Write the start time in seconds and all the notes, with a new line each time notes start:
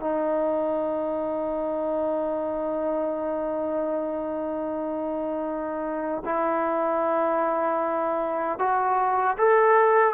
0.00 D#4
6.25 E4
8.59 F#4
9.38 A4